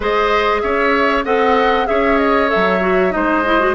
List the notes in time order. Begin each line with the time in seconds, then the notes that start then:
0.00 G#3 G#4 C5 D#5
0.61 C#4 C#5 E5
1.24 C4 A4 D#5 F#5
1.86 C#4 G#4 C#5 E5
2.18 D#5
2.47 A4 E5
2.55 F#3
2.80 F#4
3.10 G#3 D#4 C5 D#5
3.45 E4
3.59 F#4